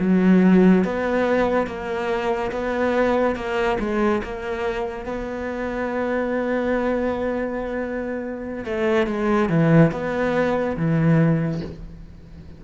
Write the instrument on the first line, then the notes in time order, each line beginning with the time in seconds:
cello
0.00 F#3
0.85 B3
1.67 A#3
2.52 B3
3.36 A#3
3.80 G#3
4.24 A#3
5.06 B3
8.65 A3
9.07 G#3
9.50 E3
9.92 B3
10.77 E3